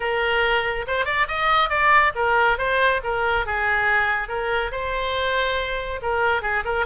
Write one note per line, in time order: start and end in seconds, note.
0.00 0.85 A#4
0.87 1.05 C5
1.05 1.26 D5
1.28 1.69 D#5
1.69 2.12 D5
2.15 2.58 A#4
2.58 3.01 C5
3.03 3.46 A#4
3.46 4.28 G#4
4.28 4.71 A#4
4.71 6.00 C5
6.02 6.42 A#4
6.42 6.63 G#4
6.64 6.86 A#4